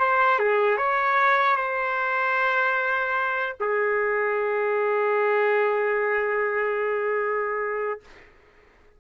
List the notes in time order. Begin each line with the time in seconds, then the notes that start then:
0.00 C5
0.40 G#4
0.78 C#5
1.57 C5
3.61 G#4